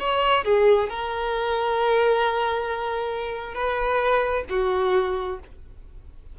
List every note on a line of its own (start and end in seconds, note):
0.00 0.45 C#5
0.45 0.90 G#4
0.90 3.55 A#4
3.55 4.45 B4
4.50 5.40 F#4